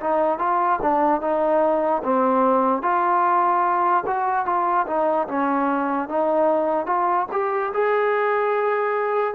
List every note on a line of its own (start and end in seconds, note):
0.00 0.39 D#4
0.39 0.79 F4
0.81 1.21 D4
1.21 2.02 D#4
2.03 2.82 C4
2.82 4.04 F4
4.06 4.46 F#4
4.46 4.86 F4
4.87 5.27 D#4
5.27 6.08 C#4
6.08 6.86 D#4
6.86 7.26 F4
7.32 7.72 G4
7.73 9.34 G#4